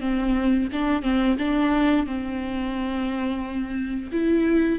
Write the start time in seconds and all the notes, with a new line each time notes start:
0.00 C4
0.72 D4
1.02 C4
1.38 D4
2.06 C4
4.12 E4